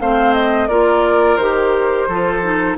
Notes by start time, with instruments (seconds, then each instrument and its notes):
0.00 bassoon A3, clarinet C4, oboe C5, flute F5
0.33 flute D#5
0.68 bassoon A#3, clarinet F4, oboe A#4, flute D5
1.36 bassoon D#3, clarinet G4, flute C5
2.08 bassoon F3, clarinet F4, oboe A4
2.42 clarinet D#4